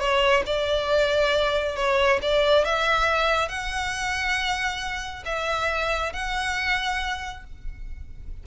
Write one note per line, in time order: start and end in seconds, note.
0.00 0.44 C#5
0.47 1.76 D5
1.76 2.20 C#5
2.23 2.65 D5
2.65 3.49 E5
3.49 5.24 F#5
5.26 6.13 E5
6.13 7.45 F#5